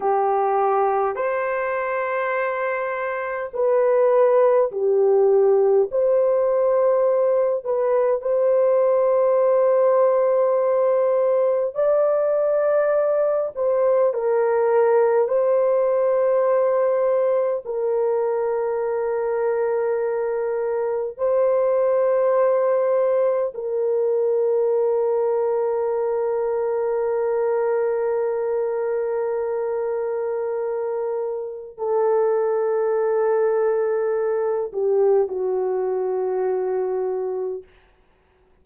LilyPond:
\new Staff \with { instrumentName = "horn" } { \time 4/4 \tempo 4 = 51 g'4 c''2 b'4 | g'4 c''4. b'8 c''4~ | c''2 d''4. c''8 | ais'4 c''2 ais'4~ |
ais'2 c''2 | ais'1~ | ais'2. a'4~ | a'4. g'8 fis'2 | }